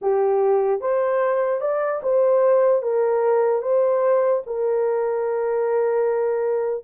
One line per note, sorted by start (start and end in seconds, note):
0.01 0.81 G4
0.81 1.60 C5
1.60 2.01 D5
2.02 2.82 C5
2.82 3.61 A#4
3.61 4.42 C5
4.46 6.84 A#4